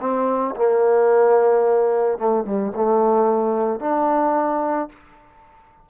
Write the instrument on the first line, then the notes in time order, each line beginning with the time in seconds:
trombone
0.00 C4
0.56 A#3
2.18 A3
2.44 G3
2.75 A3
3.79 D4